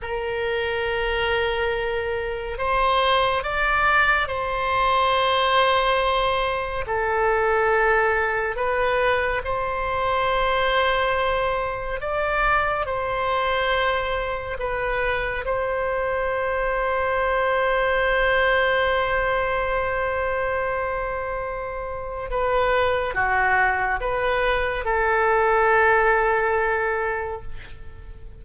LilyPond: \new Staff \with { instrumentName = "oboe" } { \time 4/4 \tempo 4 = 70 ais'2. c''4 | d''4 c''2. | a'2 b'4 c''4~ | c''2 d''4 c''4~ |
c''4 b'4 c''2~ | c''1~ | c''2 b'4 fis'4 | b'4 a'2. | }